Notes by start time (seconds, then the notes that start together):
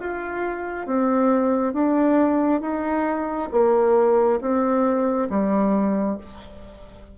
0.00 F4
0.87 C4
1.74 D4
2.61 D#4
3.52 A#3
4.41 C4
5.30 G3